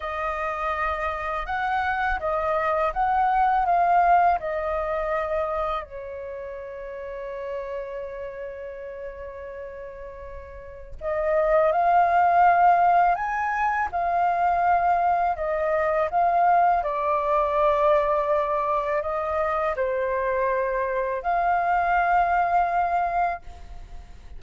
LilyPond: \new Staff \with { instrumentName = "flute" } { \time 4/4 \tempo 4 = 82 dis''2 fis''4 dis''4 | fis''4 f''4 dis''2 | cis''1~ | cis''2. dis''4 |
f''2 gis''4 f''4~ | f''4 dis''4 f''4 d''4~ | d''2 dis''4 c''4~ | c''4 f''2. | }